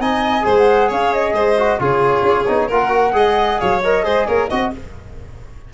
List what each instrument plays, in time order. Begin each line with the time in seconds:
0.00 tuba C4, trombone D#4, violin D#5, flute G#5
0.42 tuba G#3, trombone G#4, violin C5
0.58 flute F#5
0.89 tuba C#4, violin C#5, flute F5
1.14 flute D#5
1.33 tuba G#3, violin C5
1.58 trombone F#4
1.79 tuba C#3, trombone F4, violin G#4, flute C#5
2.22 tuba C#4
2.48 tuba B3, trombone D#4
2.68 tuba A#3, trombone F4, violin A#4, flute F#5
2.89 trombone F#4
3.14 tuba G#3, trombone G#4, violin D#5
3.60 tuba F#3, violin C#5, flute F5
3.83 trombone A#4, flute D#5
4.04 tuba G#3, trombone G#4, violin C5
4.27 tuba A#3, violin A#4, flute C#5
4.48 tuba C4, trombone F#4, flute D#5, violin D#5